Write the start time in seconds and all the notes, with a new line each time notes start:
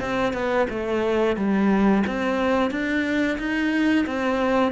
0.00 C4
0.33 B3
0.69 A3
1.36 G3
2.07 C4
2.70 D4
3.38 D#4
4.06 C4